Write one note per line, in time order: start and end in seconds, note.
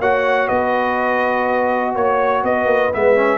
0.00 0.49 A#3
0.00 2.93 F#4
0.00 0.47 C#5
0.00 0.48 F#5
0.47 1.96 B3
0.47 1.94 B4
0.47 1.95 D#5
1.95 2.44 A#3
1.95 2.44 C#5
2.44 2.65 B3
2.44 3.38 B4
2.44 2.93 D#5
2.65 2.90 A#3
2.93 3.38 G#3
2.93 3.16 B3
2.93 3.38 E5
3.16 3.38 C#4